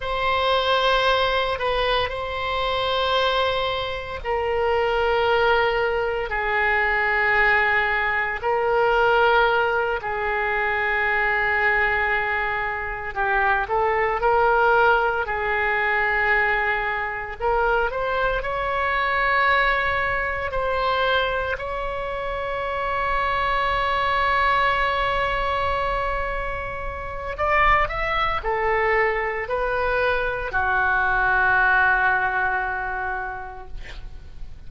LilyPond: \new Staff \with { instrumentName = "oboe" } { \time 4/4 \tempo 4 = 57 c''4. b'8 c''2 | ais'2 gis'2 | ais'4. gis'2~ gis'8~ | gis'8 g'8 a'8 ais'4 gis'4.~ |
gis'8 ais'8 c''8 cis''2 c''8~ | c''8 cis''2.~ cis''8~ | cis''2 d''8 e''8 a'4 | b'4 fis'2. | }